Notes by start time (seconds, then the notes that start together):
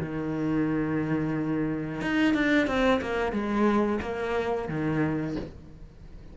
0.00 D#3
2.02 D#4
2.34 D4
2.68 C4
3.02 A#3
3.33 G#3
4.02 A#3
4.69 D#3